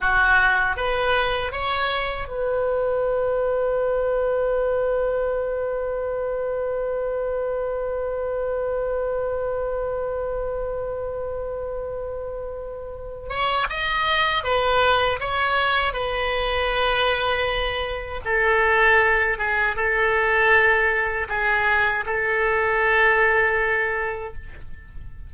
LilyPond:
\new Staff \with { instrumentName = "oboe" } { \time 4/4 \tempo 4 = 79 fis'4 b'4 cis''4 b'4~ | b'1~ | b'1~ | b'1~ |
b'4. cis''8 dis''4 b'4 | cis''4 b'2. | a'4. gis'8 a'2 | gis'4 a'2. | }